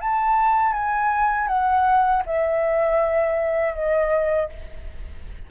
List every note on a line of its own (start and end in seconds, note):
0.00 0.72 A5
0.72 1.47 G#5
1.47 2.22 F#5
2.26 3.74 E5
3.74 4.49 D#5